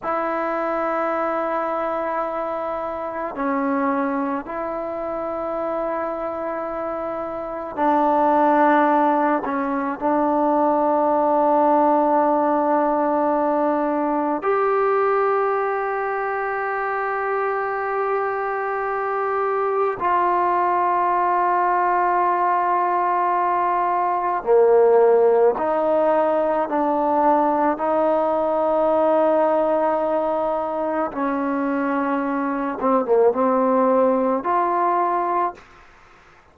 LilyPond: \new Staff \with { instrumentName = "trombone" } { \time 4/4 \tempo 4 = 54 e'2. cis'4 | e'2. d'4~ | d'8 cis'8 d'2.~ | d'4 g'2.~ |
g'2 f'2~ | f'2 ais4 dis'4 | d'4 dis'2. | cis'4. c'16 ais16 c'4 f'4 | }